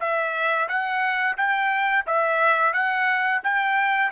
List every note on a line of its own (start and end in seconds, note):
0.00 0.68 E5
0.68 1.37 F#5
1.37 2.05 G5
2.06 2.73 E5
2.73 3.42 F#5
3.44 4.12 G5